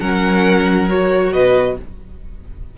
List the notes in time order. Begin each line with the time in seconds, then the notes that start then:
0.00 F#3 C#4 A#4 F#5
0.89 F#4 C#5
1.32 B2 B4 D#5